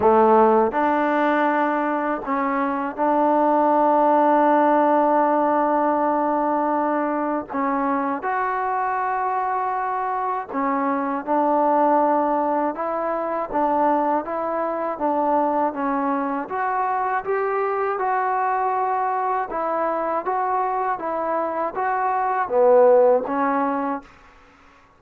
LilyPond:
\new Staff \with { instrumentName = "trombone" } { \time 4/4 \tempo 4 = 80 a4 d'2 cis'4 | d'1~ | d'2 cis'4 fis'4~ | fis'2 cis'4 d'4~ |
d'4 e'4 d'4 e'4 | d'4 cis'4 fis'4 g'4 | fis'2 e'4 fis'4 | e'4 fis'4 b4 cis'4 | }